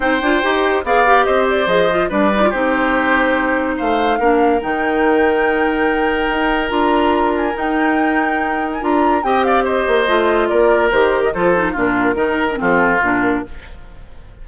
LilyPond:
<<
  \new Staff \with { instrumentName = "flute" } { \time 4/4 \tempo 4 = 143 g''2 f''4 dis''8 d''8 | dis''4 d''4 c''2~ | c''4 f''2 g''4~ | g''1 |
ais''4. gis''8 g''2~ | g''8. gis''16 ais''4 g''8 f''8 dis''4~ | dis''4 d''4 c''8. dis''16 c''4 | ais'2 a'4 ais'4 | }
  \new Staff \with { instrumentName = "oboe" } { \time 4/4 c''2 d''4 c''4~ | c''4 b'4 g'2~ | g'4 c''4 ais'2~ | ais'1~ |
ais'1~ | ais'2 dis''8 d''8 c''4~ | c''4 ais'2 a'4 | f'4 ais'4 f'2 | }
  \new Staff \with { instrumentName = "clarinet" } { \time 4/4 dis'8 f'8 g'4 gis'8 g'4. | gis'8 f'8 d'8 dis'16 f'16 dis'2~ | dis'2 d'4 dis'4~ | dis'1 |
f'2 dis'2~ | dis'4 f'4 g'2 | f'2 g'4 f'8 dis'8 | d'4 dis'8. d'16 c'4 d'4 | }
  \new Staff \with { instrumentName = "bassoon" } { \time 4/4 c'8 d'8 dis'4 b4 c'4 | f4 g4 c'2~ | c'4 a4 ais4 dis4~ | dis2. dis'4 |
d'2 dis'2~ | dis'4 d'4 c'4. ais8 | a4 ais4 dis4 f4 | ais,4 dis4 f4 ais,4 | }
>>